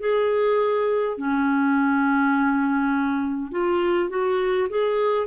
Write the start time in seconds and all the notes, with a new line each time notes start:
0.00 G#4
1.17 C#4
3.51 F4
4.09 F#4
4.70 G#4